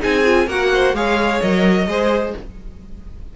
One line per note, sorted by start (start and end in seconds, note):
0.00 0.47 C4
0.00 0.23 D#4
0.00 0.47 G#4
0.00 0.49 G#5
0.25 0.49 F4
0.47 0.93 A#3
0.47 0.96 F#4
0.47 0.70 A#4
0.47 0.96 F#5
0.74 0.96 C5
0.93 1.40 G#3
0.93 1.42 G#4
0.93 1.90 C#5
0.93 1.42 F5
1.42 1.87 F#3
1.42 1.88 A#4
1.42 2.36 D#5
1.87 2.34 G#3
1.87 2.35 G#4
1.87 2.37 C5